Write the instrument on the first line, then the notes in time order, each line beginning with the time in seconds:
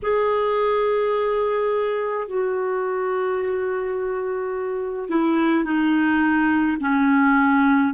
clarinet
0.02 G#4
2.27 F#4
5.09 E4
5.64 D#4
6.80 C#4